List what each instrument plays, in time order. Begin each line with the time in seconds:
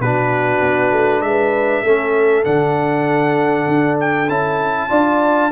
0.00 tuba B2, trombone D4, horn F#4, trumpet B4
0.62 tuba B3
0.92 tuba A3
1.22 tuba G#3, trumpet E5
1.28 horn B4
1.83 tuba A3, trombone C#4, horn A4
2.44 tuba D3, trombone D4, trumpet F#5
3.68 tuba D4
4.01 trumpet G5
4.29 tuba C#4, trombone E4, trumpet A5
4.89 tuba D4, trombone F4, horn D5